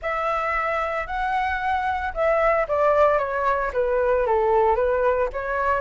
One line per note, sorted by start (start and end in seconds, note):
0.01 1.06 E5
1.06 2.13 F#5
2.14 2.67 E5
2.67 3.18 D5
3.18 3.71 C#5
3.73 4.26 B4
4.26 4.75 A4
4.75 5.28 B4
5.32 5.80 C#5